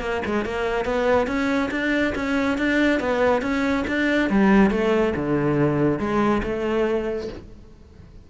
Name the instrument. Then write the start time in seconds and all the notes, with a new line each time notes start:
cello
0.00 A#3
0.25 G#3
0.45 A#3
0.85 B3
1.27 C#4
1.71 D4
2.15 C#4
2.57 D4
2.99 B3
3.41 C#4
3.87 D4
4.30 G3
4.70 A3
5.16 D3
5.99 G#3
6.43 A3